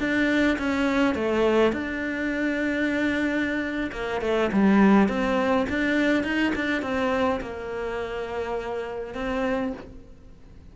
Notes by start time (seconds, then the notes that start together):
0.00 D4
0.59 C#4
1.15 A3
1.73 D4
3.92 A#3
4.22 A3
4.53 G3
5.09 C4
5.70 D4
6.24 D#4
6.56 D4
6.83 C4
7.41 A#3
9.15 C4